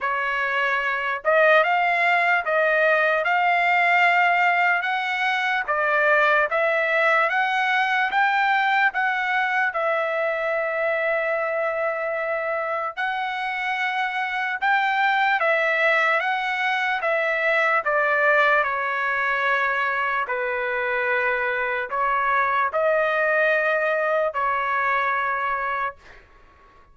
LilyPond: \new Staff \with { instrumentName = "trumpet" } { \time 4/4 \tempo 4 = 74 cis''4. dis''8 f''4 dis''4 | f''2 fis''4 d''4 | e''4 fis''4 g''4 fis''4 | e''1 |
fis''2 g''4 e''4 | fis''4 e''4 d''4 cis''4~ | cis''4 b'2 cis''4 | dis''2 cis''2 | }